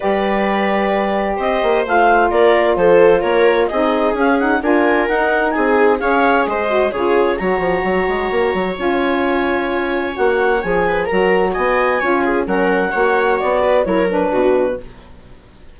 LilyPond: <<
  \new Staff \with { instrumentName = "clarinet" } { \time 4/4 \tempo 4 = 130 d''2. dis''4 | f''4 d''4 c''4 cis''4 | dis''4 f''8 fis''8 gis''4 fis''4 | gis''4 f''4 dis''4 cis''4 |
ais''2. gis''4~ | gis''2 fis''4 gis''4 | ais''4 gis''2 fis''4~ | fis''4 d''4 cis''8 b'4. | }
  \new Staff \with { instrumentName = "viola" } { \time 4/4 b'2. c''4~ | c''4 ais'4 a'4 ais'4 | gis'2 ais'2 | gis'4 cis''4 c''4 gis'4 |
cis''1~ | cis''2.~ cis''8 b'8 | ais'4 dis''4 cis''8 gis'8 ais'4 | cis''4. b'8 ais'4 fis'4 | }
  \new Staff \with { instrumentName = "saxophone" } { \time 4/4 g'1 | f'1 | dis'4 cis'8 dis'8 f'4 dis'4~ | dis'4 gis'4. fis'8 f'4 |
fis'2. f'4~ | f'2 fis'4 gis'4 | fis'2 f'4 cis'4 | fis'2 e'8 d'4. | }
  \new Staff \with { instrumentName = "bassoon" } { \time 4/4 g2. c'8 ais8 | a4 ais4 f4 ais4 | c'4 cis'4 d'4 dis'4 | c'4 cis'4 gis4 cis4 |
fis8 f8 fis8 gis8 ais8 fis8 cis'4~ | cis'2 ais4 f4 | fis4 b4 cis'4 fis4 | ais4 b4 fis4 b,4 | }
>>